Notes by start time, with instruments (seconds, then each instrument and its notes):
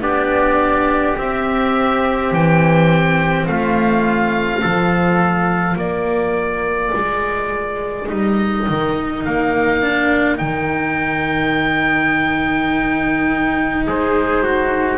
0.00 double bass B3, cello D4, trumpet G4, oboe D5
1.16 double bass C4, cello C4, oboe E5
2.31 double bass E3, oboe G5
3.46 double bass A3, trumpet F4, oboe F5
4.61 double bass F3, cello F4, trumpet A4
5.75 double bass A#3, trumpet A#4, oboe D5
6.95 double bass G#3
8.08 double bass G3, cello D#4, oboe D#5
8.68 double bass D#3
9.24 double bass A#3, oboe F5
9.81 cello D4
10.35 double bass D#3, cello D#4, oboe G5
13.86 double bass G#3, trumpet G#4, oboe C5
14.43 trumpet F#4